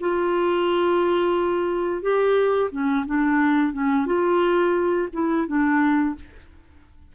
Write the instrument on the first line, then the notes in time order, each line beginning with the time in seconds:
clarinet
0.00 F4
2.02 G4
2.71 C#4
3.06 D4
3.73 C#4
4.06 F4
5.13 E4
5.47 D4